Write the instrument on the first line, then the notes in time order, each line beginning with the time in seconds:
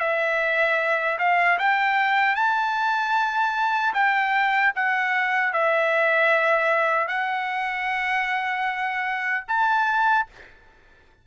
trumpet
0.00 E5
1.19 F5
1.59 G5
2.36 A5
3.94 G5
4.75 F#5
5.53 E5
7.08 F#5
9.48 A5